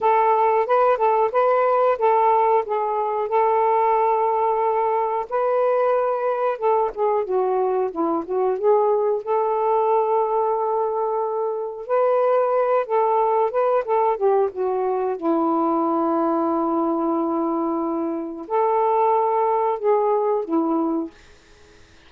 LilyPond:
\new Staff \with { instrumentName = "saxophone" } { \time 4/4 \tempo 4 = 91 a'4 b'8 a'8 b'4 a'4 | gis'4 a'2. | b'2 a'8 gis'8 fis'4 | e'8 fis'8 gis'4 a'2~ |
a'2 b'4. a'8~ | a'8 b'8 a'8 g'8 fis'4 e'4~ | e'1 | a'2 gis'4 e'4 | }